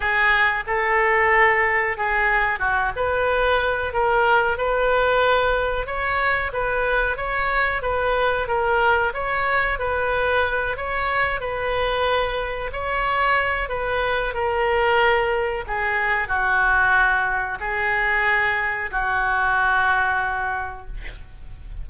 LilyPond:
\new Staff \with { instrumentName = "oboe" } { \time 4/4 \tempo 4 = 92 gis'4 a'2 gis'4 | fis'8 b'4. ais'4 b'4~ | b'4 cis''4 b'4 cis''4 | b'4 ais'4 cis''4 b'4~ |
b'8 cis''4 b'2 cis''8~ | cis''4 b'4 ais'2 | gis'4 fis'2 gis'4~ | gis'4 fis'2. | }